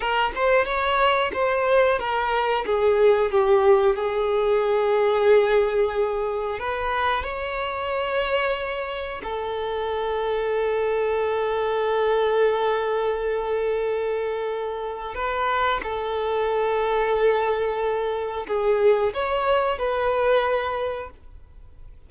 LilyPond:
\new Staff \with { instrumentName = "violin" } { \time 4/4 \tempo 4 = 91 ais'8 c''8 cis''4 c''4 ais'4 | gis'4 g'4 gis'2~ | gis'2 b'4 cis''4~ | cis''2 a'2~ |
a'1~ | a'2. b'4 | a'1 | gis'4 cis''4 b'2 | }